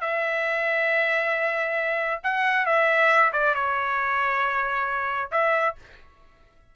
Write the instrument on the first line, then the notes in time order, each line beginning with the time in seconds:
trumpet
0.00 E5
2.23 F#5
2.65 E5
3.32 D5
3.54 C#5
5.31 E5